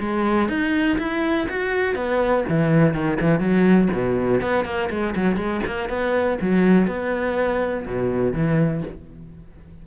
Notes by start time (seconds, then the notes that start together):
0.00 G#3
0.49 D#4
0.99 E4
1.49 F#4
1.95 B3
2.49 E3
2.94 D#3
3.21 E3
3.40 F#3
3.93 B2
4.41 B3
4.65 A#3
4.90 G#3
5.15 F#3
5.37 G#3
5.66 A#3
5.89 B3
6.41 F#3
6.87 B3
7.86 B2
8.33 E3